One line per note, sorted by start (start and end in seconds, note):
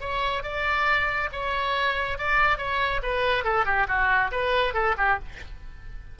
0.00 0.43 C#5
0.43 1.29 D5
1.32 2.18 C#5
2.18 2.58 D5
2.58 3.01 C#5
3.02 3.44 B4
3.44 3.65 A4
3.65 3.87 G4
3.87 4.30 F#4
4.31 4.73 B4
4.73 4.95 A4
4.97 5.19 G4